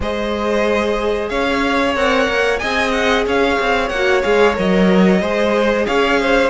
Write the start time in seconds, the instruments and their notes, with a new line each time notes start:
0.00 cello G#3, viola G#4, violin C5 D#5
1.28 cello C#4, violin C#5 F5
1.95 cello C4, viola A#4, violin F#5
2.29 cello A#3
2.58 cello C4, viola G#4, violin D#5 G#5
2.91 violin F#5
3.25 cello C#4, violin C#5 F5
3.60 cello C4
3.89 cello A#3, viola F#4, violin F#5
4.22 cello G#3, viola G#4, violin F5
4.54 cello F#3, viola A#4, violin D#5
5.21 cello G#3, viola G#4, violin C5
5.86 cello C#4, violin C#5 F5
6.21 violin C5